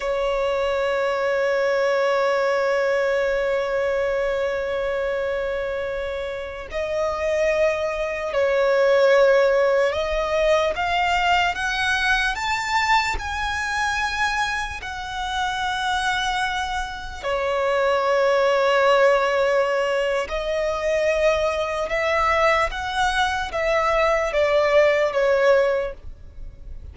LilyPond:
\new Staff \with { instrumentName = "violin" } { \time 4/4 \tempo 4 = 74 cis''1~ | cis''1~ | cis''16 dis''2 cis''4.~ cis''16~ | cis''16 dis''4 f''4 fis''4 a''8.~ |
a''16 gis''2 fis''4.~ fis''16~ | fis''4~ fis''16 cis''2~ cis''8.~ | cis''4 dis''2 e''4 | fis''4 e''4 d''4 cis''4 | }